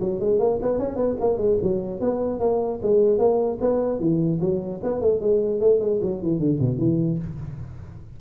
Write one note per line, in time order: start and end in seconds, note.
0.00 0.20 F#3
0.20 0.39 G#3
0.39 0.59 A#3
0.62 0.79 B3
0.79 0.96 C#4
0.96 1.16 B3
1.20 1.38 A#3
1.38 1.58 G#3
1.63 2.01 F#3
2.01 2.39 B3
2.39 2.79 A#3
2.82 3.18 G#3
3.18 3.58 A#3
3.61 4.00 B3
4.00 4.40 E3
4.41 4.81 F#3
4.83 5.01 B3
5.01 5.21 A3
5.21 5.61 G#3
5.61 5.80 A3
5.80 6.00 G#3
6.02 6.22 F#3
6.22 6.39 E3
6.39 6.59 D3
6.60 6.79 B2
6.79 7.19 E3